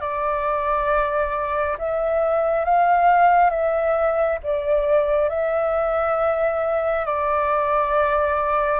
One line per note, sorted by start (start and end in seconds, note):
0.00 1.76 D5
1.78 2.64 E5
2.64 3.50 F5
3.50 4.38 E5
4.43 5.29 D5
5.29 7.05 E5
7.05 8.80 D5